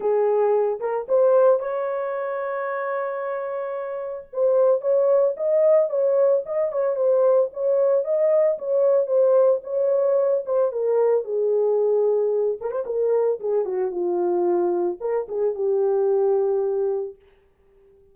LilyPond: \new Staff \with { instrumentName = "horn" } { \time 4/4 \tempo 4 = 112 gis'4. ais'8 c''4 cis''4~ | cis''1 | c''4 cis''4 dis''4 cis''4 | dis''8 cis''8 c''4 cis''4 dis''4 |
cis''4 c''4 cis''4. c''8 | ais'4 gis'2~ gis'8 ais'16 c''16 | ais'4 gis'8 fis'8 f'2 | ais'8 gis'8 g'2. | }